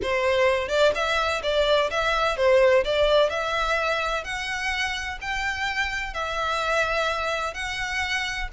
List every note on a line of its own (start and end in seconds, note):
0.02 0.68 C5
0.68 0.92 D5
0.94 1.42 E5
1.42 1.90 D5
1.90 2.36 E5
2.36 2.84 C5
2.84 3.29 D5
3.29 4.23 E5
4.23 5.18 F#5
5.21 6.13 G5
6.13 7.54 E5
7.54 8.48 F#5